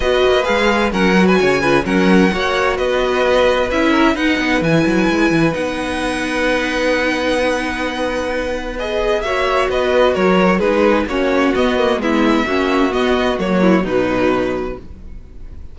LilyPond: <<
  \new Staff \with { instrumentName = "violin" } { \time 4/4 \tempo 4 = 130 dis''4 f''4 fis''8. gis''4~ gis''16 | fis''2 dis''2 | e''4 fis''4 gis''2 | fis''1~ |
fis''2. dis''4 | e''4 dis''4 cis''4 b'4 | cis''4 dis''4 e''2 | dis''4 cis''4 b'2 | }
  \new Staff \with { instrumentName = "violin" } { \time 4/4 b'2 ais'8. b'16 cis''8 b'8 | ais'4 cis''4 b'2~ | b'8 ais'8 b'2.~ | b'1~ |
b'1 | cis''4 b'4 ais'4 gis'4 | fis'2 e'4 fis'4~ | fis'4. e'8 dis'2 | }
  \new Staff \with { instrumentName = "viola" } { \time 4/4 fis'4 gis'4 cis'8 fis'4 f'8 | cis'4 fis'2. | e'4 dis'4 e'2 | dis'1~ |
dis'2. gis'4 | fis'2. dis'4 | cis'4 b8 ais8 b4 cis'4 | b4 ais4 fis2 | }
  \new Staff \with { instrumentName = "cello" } { \time 4/4 b8 ais8 gis4 fis4 cis4 | fis4 ais4 b2 | cis'4 dis'8 b8 e8 fis8 gis8 e8 | b1~ |
b1 | ais4 b4 fis4 gis4 | ais4 b4 gis4 ais4 | b4 fis4 b,2 | }
>>